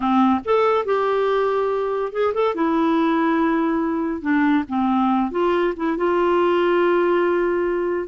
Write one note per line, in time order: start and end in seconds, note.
0.00 0.40 C4
0.44 0.85 A4
0.85 2.12 G4
2.12 2.33 G#4
2.33 2.54 A4
2.54 4.21 E4
4.21 4.64 D4
4.68 5.31 C4
5.31 5.73 F4
5.76 5.97 E4
5.97 8.07 F4